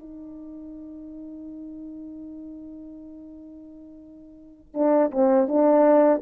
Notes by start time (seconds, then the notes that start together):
0.00 D#4
4.75 D4
5.12 C4
5.48 D4